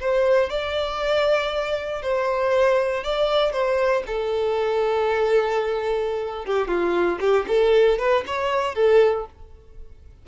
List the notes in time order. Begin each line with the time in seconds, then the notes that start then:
0.00 C5
0.50 D5
2.02 C5
3.04 D5
3.52 C5
4.06 A4
6.45 G4
6.68 F4
7.20 G4
7.48 A4
7.99 B4
8.27 C#5
8.75 A4